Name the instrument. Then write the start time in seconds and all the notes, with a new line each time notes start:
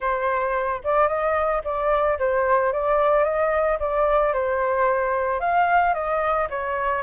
flute
0.00 C5
0.84 D5
1.07 D#5
1.64 D5
2.19 C5
2.72 D5
3.24 D#5
3.79 D5
4.33 C5
5.40 F5
5.94 D#5
6.50 C#5